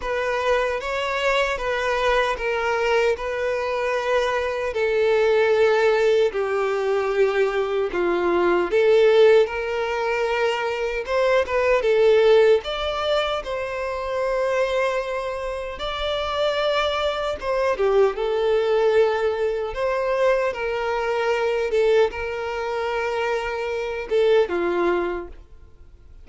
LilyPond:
\new Staff \with { instrumentName = "violin" } { \time 4/4 \tempo 4 = 76 b'4 cis''4 b'4 ais'4 | b'2 a'2 | g'2 f'4 a'4 | ais'2 c''8 b'8 a'4 |
d''4 c''2. | d''2 c''8 g'8 a'4~ | a'4 c''4 ais'4. a'8 | ais'2~ ais'8 a'8 f'4 | }